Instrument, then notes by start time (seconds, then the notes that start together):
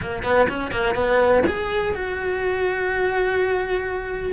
cello
0.01 A#3
0.23 B3
0.48 C#4
0.71 A#3
0.94 B3
1.47 G#4
1.94 F#4